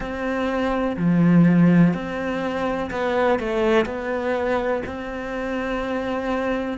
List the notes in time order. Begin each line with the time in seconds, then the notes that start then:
0.00 C4
0.96 F3
1.93 C4
2.90 B3
3.39 A3
3.85 B3
4.86 C4